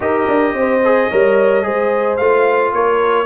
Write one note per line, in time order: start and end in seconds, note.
0.00 0.26 D#4
0.00 0.81 G4
0.00 0.56 A#4
0.00 2.17 D#5
0.27 0.53 D4
0.53 1.08 C4
0.53 1.10 C5
0.84 1.11 G#4
1.10 1.65 G3
1.10 1.62 A#4
1.10 1.65 C#5
1.62 2.19 G#3
1.62 2.17 G#4
1.62 2.74 C5
2.17 2.73 A3
2.17 3.26 F4
2.17 2.71 F5
2.73 3.26 A#3
2.73 3.26 A#4
2.73 3.26 C#5